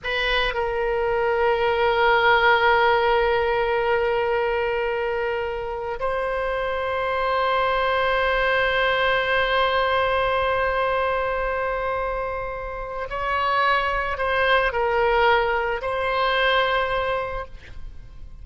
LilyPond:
\new Staff \with { instrumentName = "oboe" } { \time 4/4 \tempo 4 = 110 b'4 ais'2.~ | ais'1~ | ais'2. c''4~ | c''1~ |
c''1~ | c''1 | cis''2 c''4 ais'4~ | ais'4 c''2. | }